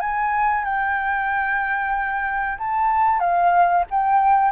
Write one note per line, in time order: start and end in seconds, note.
0.00 0.64 G#5
0.64 2.57 G5
2.58 3.19 A5
3.19 3.84 F5
3.90 4.51 G5